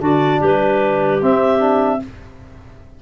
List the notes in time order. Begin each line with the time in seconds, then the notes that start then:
0.00 D3 D4 F#4 D5
0.40 G3 G4 B4
1.20 C4 E5
1.59 D4